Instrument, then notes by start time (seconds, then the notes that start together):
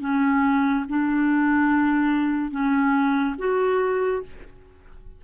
clarinet
0.00 C#4
0.88 D4
2.50 C#4
3.38 F#4